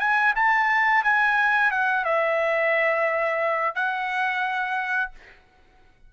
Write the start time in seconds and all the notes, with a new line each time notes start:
0.00 G#5
0.36 A5
1.04 G#5
1.71 F#5
2.05 E5
3.75 F#5